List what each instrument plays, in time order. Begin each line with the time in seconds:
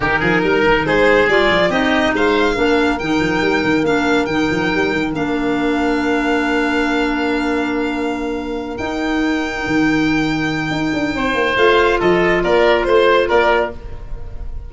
0.00 tuba D#3, clarinet D#4, oboe G4, violin A#4
0.19 tuba F3, oboe G#4
0.43 tuba G3, oboe A#4
0.62 tuba D#3
0.86 tuba G#3, oboe G#4, violin C5
1.27 tuba G3, clarinet F4, violin D5
1.49 tuba F3
1.69 tuba C4, clarinet D#4, oboe G4, violin D#5
2.13 tuba G#3, oboe C5, violin F5
2.55 tuba A#3, clarinet D4, oboe A#4
2.99 tuba D#3, clarinet D#4, violin G5
3.20 tuba F3
3.41 tuba G3
3.63 tuba D#3
3.83 tuba A#3, clarinet D4, violin F5
4.25 tuba D#3, clarinet D#4, violin G5
4.50 tuba F3
4.74 tuba G3
4.92 tuba D#3
5.12 tuba A#3, clarinet D4, violin F5
8.77 clarinet D#4, tuba D#4, violin G5
9.66 tuba D#3
10.70 tuba D#4
10.93 tuba D4
11.14 tuba C4, oboe C5
11.34 tuba A#3
11.56 tuba A3, clarinet F4, violin F5
11.99 tuba F3, oboe A4, violin D#5
12.43 tuba A#3, oboe A#4, violin D5
12.83 tuba A3, violin C5, oboe C5
13.28 tuba A#3, oboe A#4, violin D5